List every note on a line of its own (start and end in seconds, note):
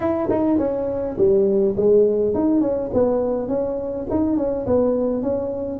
0.00 0.29 E4
0.29 0.58 D#4
0.58 1.16 C#4
1.17 1.75 G3
1.76 2.34 G#3
2.34 2.60 D#4
2.60 2.89 C#4
2.93 3.48 B3
3.48 4.06 C#4
4.10 4.36 D#4
4.36 4.65 C#4
4.66 5.22 B3
5.22 5.79 C#4